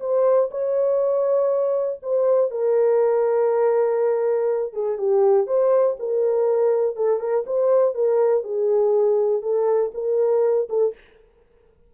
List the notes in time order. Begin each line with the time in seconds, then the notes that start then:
0.00 C5
0.51 C#5
2.03 C5
2.51 A#4
4.73 G#4
4.98 G4
5.47 C5
5.99 A#4
6.96 A4
7.20 A#4
7.47 C5
7.95 A#4
8.44 G#4
9.42 A4
9.94 A#4
10.69 A4